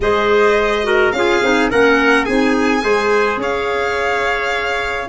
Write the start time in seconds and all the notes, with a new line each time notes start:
0.00 G#3 G#4 C5 D#5
0.83 F#4 A#4
1.11 C#4 F4 F5
1.18 G#4
1.42 C4 D#4
1.70 A#3 C#4 A#4 F#5
2.24 C4 D#4 G#4 G#5
2.80 G#3 G#4 C5
3.36 C#4 C#5 F5